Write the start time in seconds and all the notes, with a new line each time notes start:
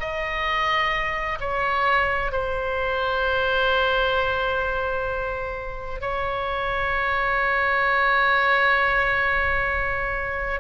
0.00 D#5
1.40 C#5
2.32 C5
6.01 C#5